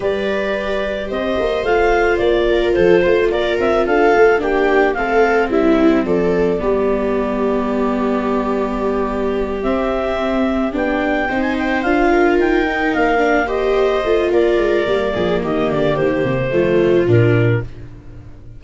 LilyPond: <<
  \new Staff \with { instrumentName = "clarinet" } { \time 4/4 \tempo 4 = 109 d''2 dis''4 f''4 | d''4 c''4 d''8 e''8 f''4 | g''4 f''4 e''4 d''4~ | d''1~ |
d''4. e''2 g''8~ | g''8. gis''16 g''8 f''4 g''4 f''8~ | f''8 dis''4. d''2 | dis''8 d''8 c''2 ais'4 | }
  \new Staff \with { instrumentName = "viola" } { \time 4/4 b'2 c''2~ | c''8 ais'8 a'8 c''8 ais'4 a'4 | g'4 a'4 e'4 a'4 | g'1~ |
g'1~ | g'8 c''4. ais'2~ | ais'8 c''4. ais'4. gis'8 | g'2 f'2 | }
  \new Staff \with { instrumentName = "viola" } { \time 4/4 g'2. f'4~ | f'1 | d'4 c'2. | b1~ |
b4. c'2 d'8~ | d'8 dis'4 f'4. dis'4 | d'8 g'4 f'4. ais4~ | ais2 a4 d'4 | }
  \new Staff \with { instrumentName = "tuba" } { \time 4/4 g2 c'8 ais8 a4 | ais4 f8 a8 ais8 c'8 d'8 a8 | ais4 a4 g4 f4 | g1~ |
g4. c'2 b8~ | b8 c'4 d'4 dis'4 ais8~ | ais4. a8 ais8 gis8 g8 f8 | dis8 d8 dis8 c8 f4 ais,4 | }
>>